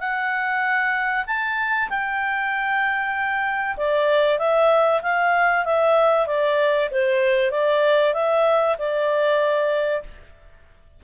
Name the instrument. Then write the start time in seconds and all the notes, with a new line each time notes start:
clarinet
0.00 F#5
1.26 A5
1.89 G5
3.77 D5
4.39 E5
5.02 F5
5.65 E5
6.27 D5
6.91 C5
7.51 D5
8.14 E5
8.78 D5